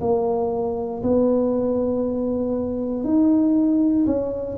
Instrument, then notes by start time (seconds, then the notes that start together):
tuba
0.00 A#3
1.03 B3
3.04 D#4
4.06 C#4